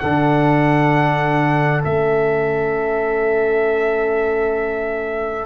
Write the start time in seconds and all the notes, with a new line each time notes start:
0.00 D3 D4 A4 F#5
1.85 A3 C#4 E5